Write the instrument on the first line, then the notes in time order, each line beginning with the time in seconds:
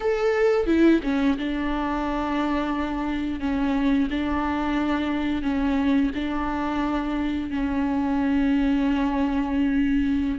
viola
0.00 A4
0.66 E4
1.03 C#4
1.38 D4
3.39 C#4
4.10 D4
5.42 C#4
6.14 D4
7.50 C#4